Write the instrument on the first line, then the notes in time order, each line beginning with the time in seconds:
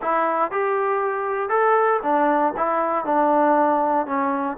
trombone
0.01 E4
0.51 G4
1.49 A4
2.02 D4
2.56 E4
3.05 D4
4.06 C#4